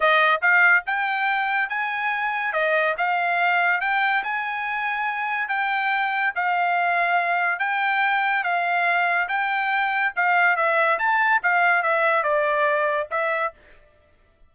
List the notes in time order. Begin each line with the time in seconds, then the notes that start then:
0.00 D#5
0.41 F5
0.86 G5
1.69 G#5
2.52 D#5
2.97 F5
3.80 G5
4.23 G#5
5.48 G5
6.35 F5
7.59 G5
8.43 F5
9.28 G5
10.15 F5
10.56 E5
10.99 A5
11.42 F5
11.83 E5
12.23 D5
13.11 E5